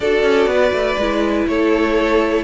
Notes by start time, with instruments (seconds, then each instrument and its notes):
0.00 cello D4, viola F#4, violin A4 D5
0.23 cello C#4
0.46 cello B3, violin B4
0.71 cello A3
0.97 cello G#3, viola E4
1.47 cello A3, violin A4 C#5